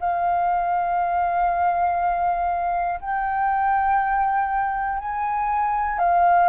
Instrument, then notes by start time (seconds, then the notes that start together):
flute
0.00 F5
3.00 G5
4.99 G#5
5.99 F5